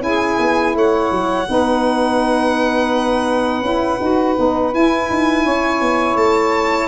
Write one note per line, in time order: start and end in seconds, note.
0.00 0.38 C#4
0.00 1.45 E4
0.00 0.75 G#4
0.00 0.76 G#5
0.39 0.75 B3
0.75 1.11 A3
0.75 1.47 C#5
0.75 4.74 F#5
1.11 1.47 F#3
1.46 3.62 B3
1.46 3.63 D#4
1.46 5.44 B4
3.62 3.98 C#4
3.62 3.99 E4
4.00 4.37 D#4
4.00 4.36 F#4
4.36 4.74 B3
4.36 4.72 D#4
4.73 6.88 E4
4.73 5.10 E4
4.73 6.17 G#5
5.10 5.45 D#4
5.44 5.81 C#4
5.44 6.88 C#5
5.81 6.15 B3
6.15 6.87 A3
6.15 6.88 A5